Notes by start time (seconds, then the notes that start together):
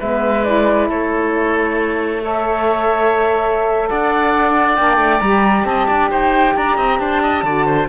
0.00 G#3 B3 B4 E5
0.44 E4 D5
0.89 A3 A4 C#5
2.21 A4 C#5 E5
3.89 D4 D5 F#5
4.76 A#3 D4 G5
4.98 A3
5.20 G3 G4 A#5
5.65 C4 D#5 A5
5.88 D4 D5
6.10 D#4 C5 G5
6.56 D4 D5 A#5
6.77 C4 D#5
7.00 D4 C5 A5
7.22 D#5
7.43 D3 F#4 D5
7.66 C5